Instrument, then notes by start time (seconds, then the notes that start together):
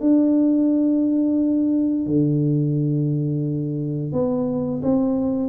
tuba
0.00 D4
2.06 D3
4.12 B3
4.82 C4